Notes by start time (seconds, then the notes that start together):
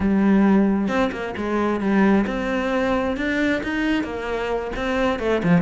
0.00 G3
0.87 C4
1.12 A#3
1.37 G#3
1.80 G3
2.26 C4
3.16 D4
3.63 D#4
4.03 A#3
4.76 C4
5.19 A3
5.43 F3